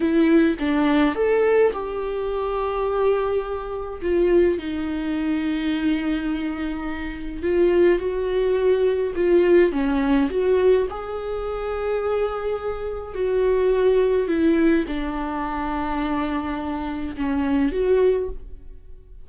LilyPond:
\new Staff \with { instrumentName = "viola" } { \time 4/4 \tempo 4 = 105 e'4 d'4 a'4 g'4~ | g'2. f'4 | dis'1~ | dis'4 f'4 fis'2 |
f'4 cis'4 fis'4 gis'4~ | gis'2. fis'4~ | fis'4 e'4 d'2~ | d'2 cis'4 fis'4 | }